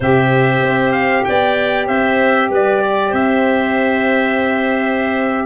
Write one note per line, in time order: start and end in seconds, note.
0.00 0.62 C3
0.00 5.46 G4
0.00 1.23 C5
0.00 0.92 E5
0.62 1.24 C4
0.92 1.23 F5
1.24 1.88 B3
1.24 1.87 D5
1.24 1.86 G5
1.87 2.49 C4
1.87 2.49 C5
1.87 2.50 E5
2.49 3.12 G3
2.49 2.81 B4
2.49 3.13 D5
2.81 3.10 D5
3.10 5.46 C4
3.10 5.44 C5
3.10 5.46 E5